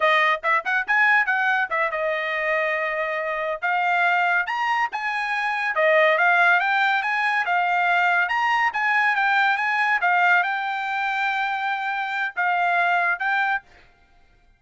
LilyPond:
\new Staff \with { instrumentName = "trumpet" } { \time 4/4 \tempo 4 = 141 dis''4 e''8 fis''8 gis''4 fis''4 | e''8 dis''2.~ dis''8~ | dis''8 f''2 ais''4 gis''8~ | gis''4. dis''4 f''4 g''8~ |
g''8 gis''4 f''2 ais''8~ | ais''8 gis''4 g''4 gis''4 f''8~ | f''8 g''2.~ g''8~ | g''4 f''2 g''4 | }